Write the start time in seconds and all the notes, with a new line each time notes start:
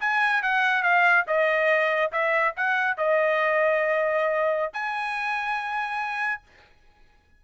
0.00 G#5
0.42 F#5
0.83 F5
1.27 D#5
2.12 E5
2.56 F#5
2.97 D#5
4.73 G#5